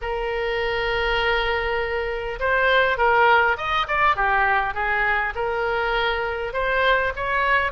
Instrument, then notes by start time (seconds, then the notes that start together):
oboe
0.01 A#4
2.39 C5
2.97 A#4
3.57 D#5
3.87 D5
4.16 G4
4.74 G#4
5.35 A#4
6.53 C5
7.16 C#5